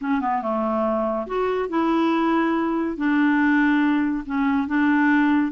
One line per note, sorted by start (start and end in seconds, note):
0.01 0.21 C#4
0.21 0.42 B3
0.42 1.27 A3
1.27 1.69 F#4
1.69 2.96 E4
2.96 4.24 D4
4.26 4.67 C#4
4.67 5.52 D4